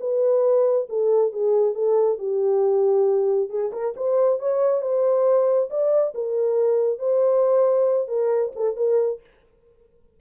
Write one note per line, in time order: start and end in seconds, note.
0.00 0.88 B4
0.89 1.32 A4
1.32 1.75 G#4
1.75 2.18 A4
2.18 3.50 G4
3.50 3.71 G#4
3.73 3.95 A#4
3.97 4.39 C5
4.39 4.82 C#5
4.82 5.69 C5
5.70 6.14 D5
6.15 6.99 A#4
6.99 8.08 C5
8.08 8.52 A#4
8.56 8.77 A4
8.77 9.20 A#4